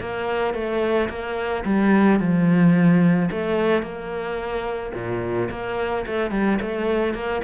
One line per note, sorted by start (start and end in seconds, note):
0.00 0.54 A#3
0.54 1.09 A3
1.09 1.64 A#3
1.65 2.19 G3
2.19 3.30 F3
3.31 3.82 A3
3.82 4.92 A#3
4.94 5.49 A#2
5.50 6.05 A#3
6.06 6.31 A3
6.31 6.58 G3
6.61 7.14 A3
7.14 7.42 A#3